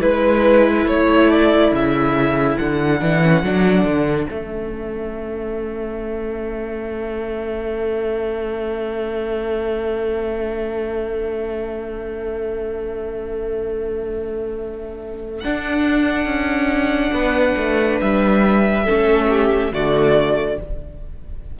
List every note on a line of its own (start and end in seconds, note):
0.00 0.86 G#3
0.00 2.99 E4
0.00 0.86 B4
0.00 0.87 B4
0.86 1.71 A3
0.86 17.14 A4
0.86 1.30 C#5
1.30 1.73 D5
1.71 2.57 C#3
1.71 2.58 E5
2.58 3.01 D3
2.58 4.27 F#5
2.99 3.42 E3
2.99 3.21 D4
3.22 3.43 C#4
3.42 3.84 F#3
3.42 4.28 D4
3.84 4.27 D3
4.27 15.44 A3
4.27 15.42 C#4
4.27 15.40 E5
15.40 18.86 D4
15.40 16.25 D4
15.40 17.97 F#5
16.25 17.11 C#4
17.12 17.55 B3
17.12 18.84 B4
17.57 18.00 A3
18.01 18.87 G3
18.01 19.72 E5
18.84 19.72 C#4
18.84 19.27 A4
18.90 19.72 A3
19.29 19.72 G4
19.72 20.57 D3
19.72 20.58 A3
19.72 20.59 F#4
19.72 20.59 D5